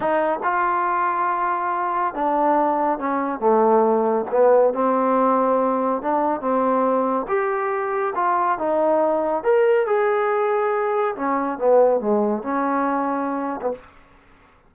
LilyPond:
\new Staff \with { instrumentName = "trombone" } { \time 4/4 \tempo 4 = 140 dis'4 f'2.~ | f'4 d'2 cis'4 | a2 b4 c'4~ | c'2 d'4 c'4~ |
c'4 g'2 f'4 | dis'2 ais'4 gis'4~ | gis'2 cis'4 b4 | gis4 cis'2~ cis'8. b16 | }